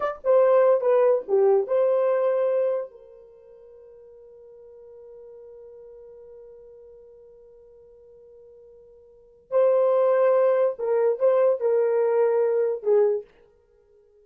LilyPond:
\new Staff \with { instrumentName = "horn" } { \time 4/4 \tempo 4 = 145 d''8 c''4. b'4 g'4 | c''2. ais'4~ | ais'1~ | ais'1~ |
ais'1~ | ais'2. c''4~ | c''2 ais'4 c''4 | ais'2. gis'4 | }